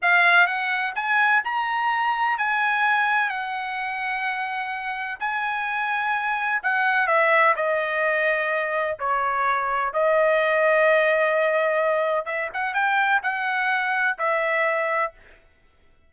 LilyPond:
\new Staff \with { instrumentName = "trumpet" } { \time 4/4 \tempo 4 = 127 f''4 fis''4 gis''4 ais''4~ | ais''4 gis''2 fis''4~ | fis''2. gis''4~ | gis''2 fis''4 e''4 |
dis''2. cis''4~ | cis''4 dis''2.~ | dis''2 e''8 fis''8 g''4 | fis''2 e''2 | }